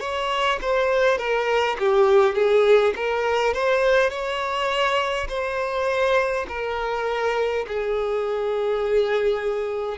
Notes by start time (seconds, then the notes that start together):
0.00 C#5
0.61 C5
1.18 A#4
1.79 G4
2.35 G#4
2.96 A#4
3.53 C5
4.10 C#5
5.28 C5
6.48 A#4
7.67 G#4